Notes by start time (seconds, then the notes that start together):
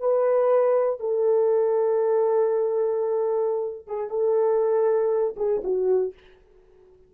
0.00 B4
1.00 A4
3.87 G#4
4.10 A4
5.37 G#4
5.64 F#4